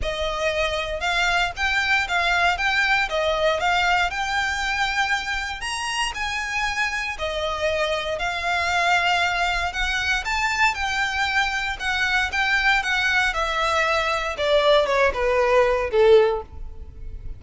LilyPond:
\new Staff \with { instrumentName = "violin" } { \time 4/4 \tempo 4 = 117 dis''2 f''4 g''4 | f''4 g''4 dis''4 f''4 | g''2. ais''4 | gis''2 dis''2 |
f''2. fis''4 | a''4 g''2 fis''4 | g''4 fis''4 e''2 | d''4 cis''8 b'4. a'4 | }